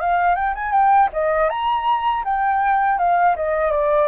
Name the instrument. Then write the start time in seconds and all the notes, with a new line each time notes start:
flute
0.00 F5
0.35 G5
0.55 G#5
0.72 G5
1.13 D#5
1.50 A#5
2.25 G5
2.99 F5
3.36 D#5
3.71 D5